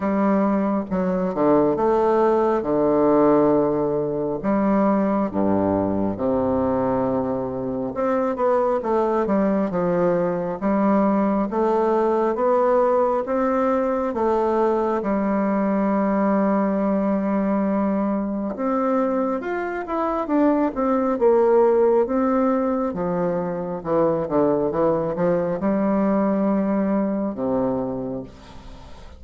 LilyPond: \new Staff \with { instrumentName = "bassoon" } { \time 4/4 \tempo 4 = 68 g4 fis8 d8 a4 d4~ | d4 g4 g,4 c4~ | c4 c'8 b8 a8 g8 f4 | g4 a4 b4 c'4 |
a4 g2.~ | g4 c'4 f'8 e'8 d'8 c'8 | ais4 c'4 f4 e8 d8 | e8 f8 g2 c4 | }